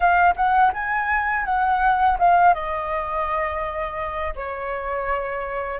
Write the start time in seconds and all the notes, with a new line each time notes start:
0.00 F5
0.36 F#5
0.73 G#5
1.45 F#5
2.19 F5
2.53 D#5
4.35 C#5